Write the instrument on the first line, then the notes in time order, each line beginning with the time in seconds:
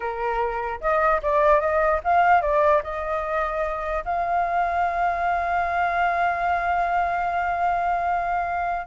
flute
0.00 A#4
0.80 D#5
1.22 D5
1.60 D#5
2.03 F5
2.41 D5
2.83 D#5
4.05 F5